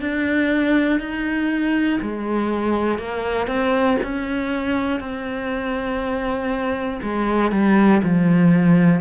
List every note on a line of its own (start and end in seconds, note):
0.00 1.00 D4
1.00 2.00 D#4
2.01 2.98 G#3
2.98 3.47 A#3
3.47 3.97 C4
4.03 5.00 C#4
5.00 7.00 C4
7.02 7.51 G#3
7.51 8.01 G3
8.03 9.00 F3